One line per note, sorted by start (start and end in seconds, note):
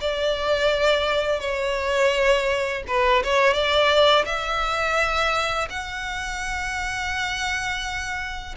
0.00 1.40 D5
1.40 2.83 C#5
2.87 3.23 B4
3.24 3.53 C#5
3.53 4.25 D5
4.25 5.68 E5
5.69 8.55 F#5